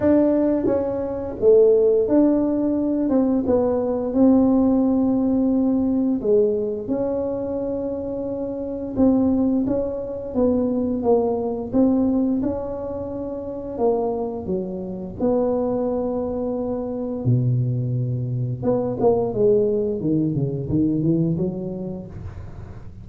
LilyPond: \new Staff \with { instrumentName = "tuba" } { \time 4/4 \tempo 4 = 87 d'4 cis'4 a4 d'4~ | d'8 c'8 b4 c'2~ | c'4 gis4 cis'2~ | cis'4 c'4 cis'4 b4 |
ais4 c'4 cis'2 | ais4 fis4 b2~ | b4 b,2 b8 ais8 | gis4 dis8 cis8 dis8 e8 fis4 | }